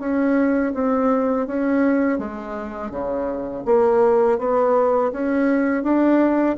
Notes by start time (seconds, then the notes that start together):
0.00 C#4
0.75 C4
1.47 C#4
2.19 G#3
2.91 C#3
3.66 A#3
4.39 B3
5.12 C#4
5.83 D4